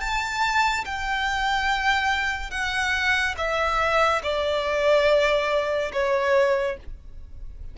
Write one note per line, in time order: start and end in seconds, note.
0.00 0.85 A5
0.85 2.50 G5
2.50 3.35 F#5
3.37 4.22 E5
4.23 5.92 D5
5.93 6.77 C#5